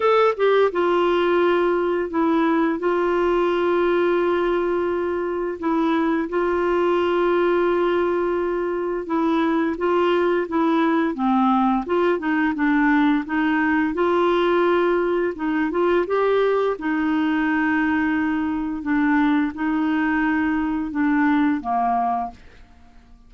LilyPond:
\new Staff \with { instrumentName = "clarinet" } { \time 4/4 \tempo 4 = 86 a'8 g'8 f'2 e'4 | f'1 | e'4 f'2.~ | f'4 e'4 f'4 e'4 |
c'4 f'8 dis'8 d'4 dis'4 | f'2 dis'8 f'8 g'4 | dis'2. d'4 | dis'2 d'4 ais4 | }